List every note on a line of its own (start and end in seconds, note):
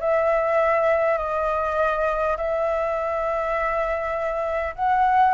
0.00 1.18 E5
1.18 2.37 D#5
2.37 4.75 E5
4.76 5.34 F#5